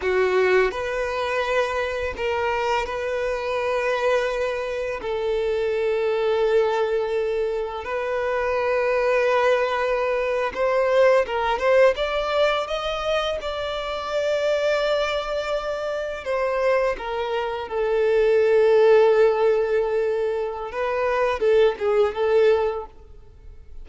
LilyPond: \new Staff \with { instrumentName = "violin" } { \time 4/4 \tempo 4 = 84 fis'4 b'2 ais'4 | b'2. a'4~ | a'2. b'4~ | b'2~ b'8. c''4 ais'16~ |
ais'16 c''8 d''4 dis''4 d''4~ d''16~ | d''2~ d''8. c''4 ais'16~ | ais'8. a'2.~ a'16~ | a'4 b'4 a'8 gis'8 a'4 | }